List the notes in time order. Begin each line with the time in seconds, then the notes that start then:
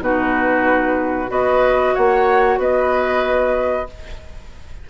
0.00 B2 D#4 F#4 B4
1.28 B3 F#4 B4 D#5
1.95 A#3 C#5 F#5
2.58 B3 B4 D#5